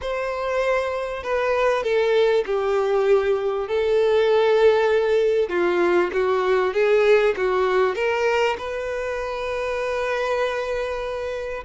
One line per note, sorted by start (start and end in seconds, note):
0.01 1.23 C5
1.23 1.83 B4
1.83 2.44 A4
2.45 3.67 G4
3.67 5.49 A4
5.49 6.10 F4
6.12 6.73 F#4
6.73 7.34 G#4
7.36 7.95 F#4
7.95 8.56 A#4
8.57 11.64 B4